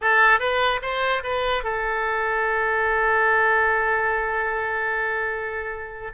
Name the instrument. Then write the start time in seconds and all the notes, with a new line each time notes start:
oboe
0.01 A4
0.39 B4
0.82 C5
1.23 B4
1.63 A4